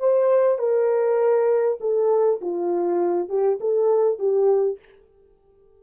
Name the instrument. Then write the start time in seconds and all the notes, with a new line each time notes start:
horn
0.00 C5
0.59 A#4
1.81 A4
2.42 F4
3.29 G4
3.61 A4
4.19 G4